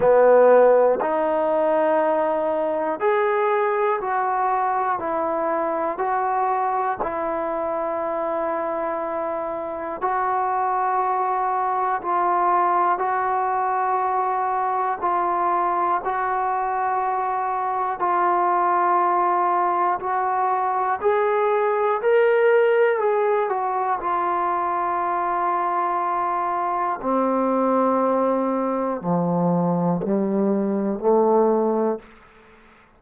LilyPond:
\new Staff \with { instrumentName = "trombone" } { \time 4/4 \tempo 4 = 60 b4 dis'2 gis'4 | fis'4 e'4 fis'4 e'4~ | e'2 fis'2 | f'4 fis'2 f'4 |
fis'2 f'2 | fis'4 gis'4 ais'4 gis'8 fis'8 | f'2. c'4~ | c'4 f4 g4 a4 | }